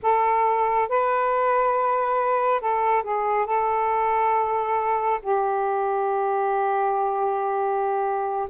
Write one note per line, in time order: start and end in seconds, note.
0.02 0.89 A4
0.89 2.60 B4
2.60 3.02 A4
3.02 3.46 G#4
3.46 5.20 A4
5.22 8.48 G4